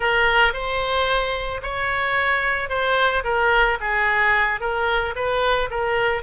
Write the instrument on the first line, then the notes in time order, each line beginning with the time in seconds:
oboe
0.00 A#4
0.53 C5
1.62 C#5
2.69 C5
3.24 A#4
3.80 G#4
4.60 A#4
5.15 B4
5.70 A#4